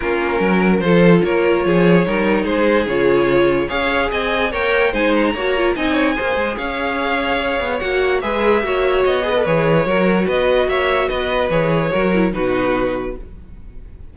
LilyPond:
<<
  \new Staff \with { instrumentName = "violin" } { \time 4/4 \tempo 4 = 146 ais'2 c''4 cis''4~ | cis''2 c''4 cis''4~ | cis''4 f''4 gis''4 g''4 | gis''8 ais''4. gis''2 |
f''2. fis''4 | e''2 dis''4 cis''4~ | cis''4 dis''4 e''4 dis''4 | cis''2 b'2 | }
  \new Staff \with { instrumentName = "violin" } { \time 4/4 f'4 ais'4 a'4 ais'4 | gis'4 ais'4 gis'2~ | gis'4 cis''4 dis''4 cis''4 | c''4 cis''4 dis''8 cis''8 c''4 |
cis''1 | b'4 cis''4. b'4. | ais'4 b'4 cis''4 b'4~ | b'4 ais'4 fis'2 | }
  \new Staff \with { instrumentName = "viola" } { \time 4/4 cis'2 f'2~ | f'4 dis'2 f'4~ | f'4 gis'2 ais'4 | dis'4 fis'8 f'8 dis'4 gis'4~ |
gis'2. fis'4 | gis'4 fis'4. gis'16 a'16 gis'4 | fis'1 | gis'4 fis'8 e'8 dis'2 | }
  \new Staff \with { instrumentName = "cello" } { \time 4/4 ais4 fis4 f4 ais4 | f4 g4 gis4 cis4~ | cis4 cis'4 c'4 ais4 | gis4 ais4 c'4 ais8 gis8 |
cis'2~ cis'8 b8 ais4 | gis4 ais4 b4 e4 | fis4 b4 ais4 b4 | e4 fis4 b,2 | }
>>